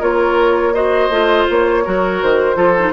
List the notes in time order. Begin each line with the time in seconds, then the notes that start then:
0.00 A#3 F4 A#4 C#5
0.74 F#4 C5 D#5
1.10 A3 F4
1.50 A#3 C#5
1.85 F#3 F#4 A#4
2.23 D#3 C5
2.55 F3 F4 A4
2.79 D#4